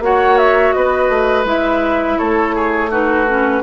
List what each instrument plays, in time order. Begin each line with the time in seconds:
0.00 bassoon A#3, clarinet F#4, oboe C#5, flute F#5
0.38 flute E5
0.72 bassoon B3, oboe B4, flute D#5
1.09 bassoon A3
1.45 bassoon G#3, clarinet E4, flute E5
2.18 bassoon A3, oboe A4, flute C#5
2.55 oboe G#4
2.90 clarinet D#4, oboe F#4, flute B4
3.28 clarinet C#4